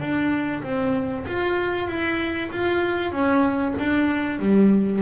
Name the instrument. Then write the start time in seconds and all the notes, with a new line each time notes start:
double bass
0.00 D4
0.63 C4
1.27 F4
1.88 E4
2.52 F4
3.12 C#4
3.79 D4
4.39 G3